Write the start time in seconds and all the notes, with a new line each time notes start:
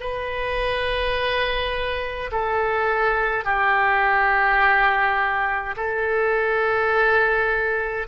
0.00 B4
2.32 A4
3.45 G4
5.76 A4